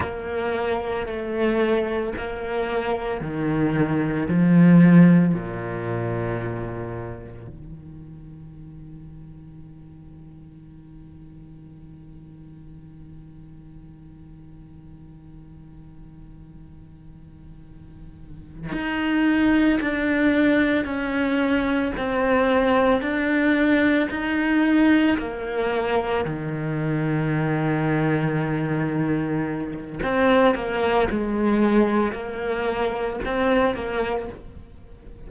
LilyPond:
\new Staff \with { instrumentName = "cello" } { \time 4/4 \tempo 4 = 56 ais4 a4 ais4 dis4 | f4 ais,2 dis4~ | dis1~ | dis1~ |
dis4. dis'4 d'4 cis'8~ | cis'8 c'4 d'4 dis'4 ais8~ | ais8 dis2.~ dis8 | c'8 ais8 gis4 ais4 c'8 ais8 | }